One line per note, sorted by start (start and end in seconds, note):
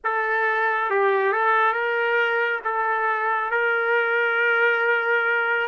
0.04 0.90 A4
0.90 1.32 G4
1.32 1.72 A4
1.72 2.59 A#4
2.64 3.50 A4
3.50 5.68 A#4